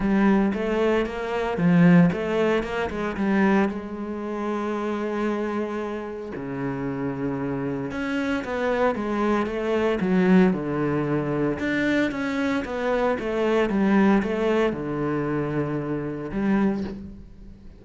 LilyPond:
\new Staff \with { instrumentName = "cello" } { \time 4/4 \tempo 4 = 114 g4 a4 ais4 f4 | a4 ais8 gis8 g4 gis4~ | gis1 | cis2. cis'4 |
b4 gis4 a4 fis4 | d2 d'4 cis'4 | b4 a4 g4 a4 | d2. g4 | }